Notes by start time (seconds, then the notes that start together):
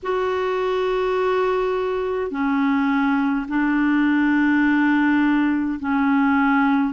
0.03 F#4
2.30 C#4
3.48 D4
5.80 C#4